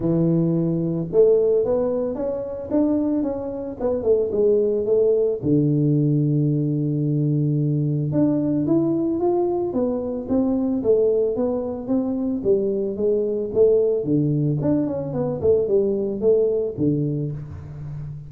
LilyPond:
\new Staff \with { instrumentName = "tuba" } { \time 4/4 \tempo 4 = 111 e2 a4 b4 | cis'4 d'4 cis'4 b8 a8 | gis4 a4 d2~ | d2. d'4 |
e'4 f'4 b4 c'4 | a4 b4 c'4 g4 | gis4 a4 d4 d'8 cis'8 | b8 a8 g4 a4 d4 | }